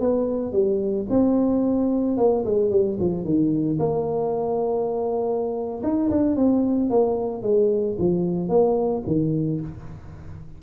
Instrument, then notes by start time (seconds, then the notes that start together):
tuba
0.00 B3
0.52 G3
1.09 C4
2.17 A#3
2.45 G#3
2.70 G3
3.00 F3
3.24 D#3
3.79 A#3
5.83 D#4
6.10 D4
6.36 C4
6.90 A#3
7.42 G#3
7.98 F3
8.49 A#3
9.06 D#3